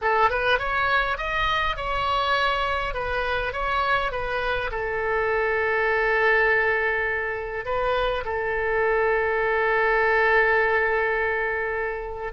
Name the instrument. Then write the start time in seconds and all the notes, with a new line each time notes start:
oboe
0.01 A4
0.29 B4
0.58 C#5
1.17 D#5
1.76 C#5
2.94 B4
3.52 C#5
4.11 B4
4.71 A4
7.65 B4
8.24 A4